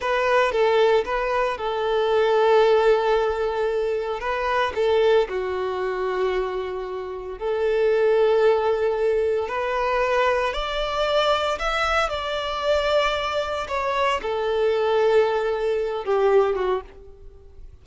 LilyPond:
\new Staff \with { instrumentName = "violin" } { \time 4/4 \tempo 4 = 114 b'4 a'4 b'4 a'4~ | a'1 | b'4 a'4 fis'2~ | fis'2 a'2~ |
a'2 b'2 | d''2 e''4 d''4~ | d''2 cis''4 a'4~ | a'2~ a'8 g'4 fis'8 | }